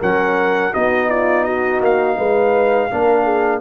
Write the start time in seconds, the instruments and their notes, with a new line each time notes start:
0.00 tuba F#3, trombone C#4, horn A#4, trumpet F#5
0.72 tuba B3, trombone D#4, horn F#4, trumpet D#5
1.09 horn F4, trumpet D5
1.44 horn F#4, trumpet D#5
1.81 tuba A#3, trumpet F5
2.17 tuba G#3, horn B4
2.90 tuba A#3, trombone D4, horn A#4
3.23 horn G#4